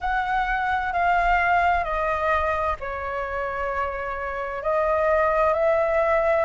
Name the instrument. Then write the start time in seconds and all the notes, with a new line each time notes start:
flute
0.00 F#5
0.92 F5
1.83 D#5
2.79 C#5
4.62 D#5
5.53 E5